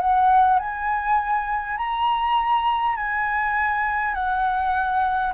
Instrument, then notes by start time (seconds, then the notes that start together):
flute
0.00 F#5
0.59 G#5
1.78 A#5
2.97 G#5
4.14 F#5